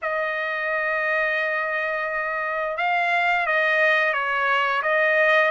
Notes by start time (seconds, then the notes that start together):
0.02 D#5
2.77 F5
3.46 D#5
4.13 C#5
4.82 D#5